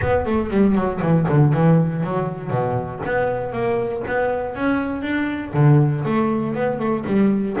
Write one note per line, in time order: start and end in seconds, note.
0.01 0.25 B3
0.25 0.50 A3
0.50 0.75 G3
0.75 1.00 F#3
1.02 1.27 E3
1.28 1.53 D3
1.53 2.03 E3
2.03 2.50 F#3
2.50 3.00 B2
3.05 3.52 B3
3.52 4.02 A#3
4.07 4.55 B3
4.55 5.02 C#4
5.02 5.52 D4
5.53 6.04 D3
6.05 6.54 A3
6.54 6.79 B3
6.79 7.04 A3
7.06 7.56 G3